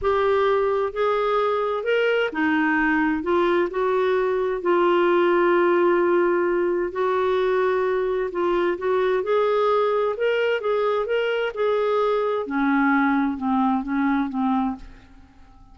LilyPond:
\new Staff \with { instrumentName = "clarinet" } { \time 4/4 \tempo 4 = 130 g'2 gis'2 | ais'4 dis'2 f'4 | fis'2 f'2~ | f'2. fis'4~ |
fis'2 f'4 fis'4 | gis'2 ais'4 gis'4 | ais'4 gis'2 cis'4~ | cis'4 c'4 cis'4 c'4 | }